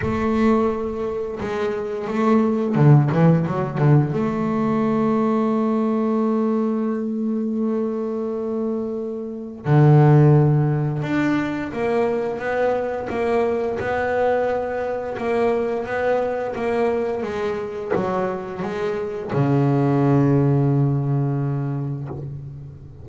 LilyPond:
\new Staff \with { instrumentName = "double bass" } { \time 4/4 \tempo 4 = 87 a2 gis4 a4 | d8 e8 fis8 d8 a2~ | a1~ | a2 d2 |
d'4 ais4 b4 ais4 | b2 ais4 b4 | ais4 gis4 fis4 gis4 | cis1 | }